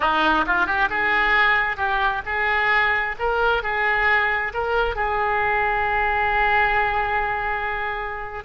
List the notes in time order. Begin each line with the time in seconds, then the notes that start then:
0.00 D#4
0.46 F4
0.66 G4
0.89 G#4
1.77 G4
2.25 G#4
3.19 A#4
3.62 G#4
4.53 A#4
4.95 G#4